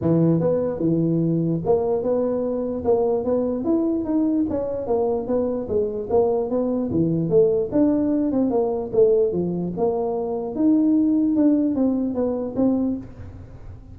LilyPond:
\new Staff \with { instrumentName = "tuba" } { \time 4/4 \tempo 4 = 148 e4 b4 e2 | ais4 b2 ais4 | b4 e'4 dis'4 cis'4 | ais4 b4 gis4 ais4 |
b4 e4 a4 d'4~ | d'8 c'8 ais4 a4 f4 | ais2 dis'2 | d'4 c'4 b4 c'4 | }